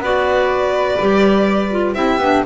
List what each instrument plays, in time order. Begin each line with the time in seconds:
0.00 double bass B3, clarinet F#4, flute B4, violin D5
1.01 double bass G3, clarinet G4
1.71 clarinet F4
1.94 double bass C4, clarinet E4, flute G4, violin E5
2.18 double bass B3, clarinet D4